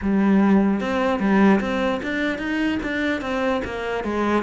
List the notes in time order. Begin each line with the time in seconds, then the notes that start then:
0.02 G3
0.80 C4
1.19 G3
1.60 C4
2.02 D4
2.38 D#4
2.82 D4
3.21 C4
3.64 A#3
4.04 G#3